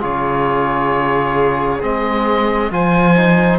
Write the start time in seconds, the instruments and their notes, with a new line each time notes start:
0.00 cello C#3, trombone F4, violin G#4, oboe C#5
1.82 cello G#3, trombone C4, oboe D#5
2.71 cello F3, trombone F4, violin C5, oboe G#5
3.16 trombone D#4